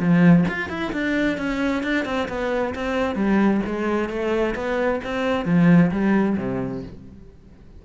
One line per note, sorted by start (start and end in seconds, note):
0.00 0.45 F3
0.49 0.70 F4
0.70 0.93 E4
0.93 1.38 D4
1.38 1.84 C#4
1.84 2.06 D4
2.06 2.28 C4
2.29 2.74 B3
2.75 3.16 C4
3.16 3.61 G3
3.67 4.10 G#3
4.10 4.55 A3
4.56 5.01 B3
5.05 5.46 C4
5.46 5.91 F3
5.92 6.37 G3
6.38 6.83 C3